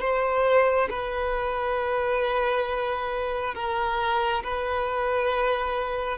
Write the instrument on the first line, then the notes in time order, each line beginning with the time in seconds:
violin
0.00 C5
0.89 B4
3.55 A#4
4.43 B4